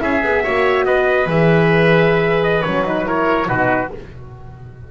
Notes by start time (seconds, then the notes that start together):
0.00 C#4 E4 G#4 E5
0.24 B3 G#4
0.44 A#3 F#4 C#5
0.86 B3 B4 D#5
1.27 E3 G#4 E5
2.44 D#5
2.63 F#3 C#4 C#5
2.85 D#4 B4
3.06 E4 A#4 C#5
3.48 B2 D#4 F#4 B4